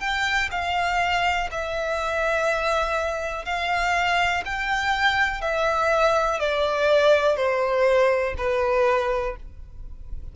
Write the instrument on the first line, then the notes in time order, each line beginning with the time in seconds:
violin
0.00 G5
0.51 F5
1.51 E5
3.45 F5
4.45 G5
5.41 E5
6.39 D5
7.36 C5
8.37 B4